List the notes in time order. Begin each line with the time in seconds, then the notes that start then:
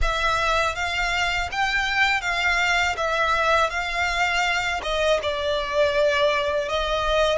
0.01 E5
0.75 F5
1.51 G5
2.21 F5
2.96 E5
3.69 F5
4.82 D#5
5.22 D5
6.69 D#5